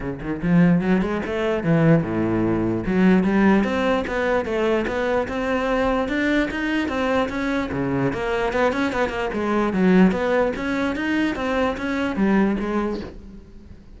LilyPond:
\new Staff \with { instrumentName = "cello" } { \time 4/4 \tempo 4 = 148 cis8 dis8 f4 fis8 gis8 a4 | e4 a,2 fis4 | g4 c'4 b4 a4 | b4 c'2 d'4 |
dis'4 c'4 cis'4 cis4 | ais4 b8 cis'8 b8 ais8 gis4 | fis4 b4 cis'4 dis'4 | c'4 cis'4 g4 gis4 | }